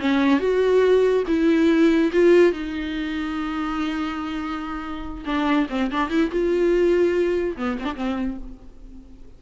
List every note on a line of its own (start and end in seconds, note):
0.00 0.40 C#4
0.40 1.24 F#4
1.28 2.12 E4
2.13 2.53 F4
2.53 5.25 D#4
5.26 5.68 D4
5.70 5.91 C4
5.92 6.10 D4
6.10 6.31 E4
6.31 7.57 F4
7.58 7.79 B3
7.80 7.85 C4
7.80 7.95 D4
7.96 8.38 C4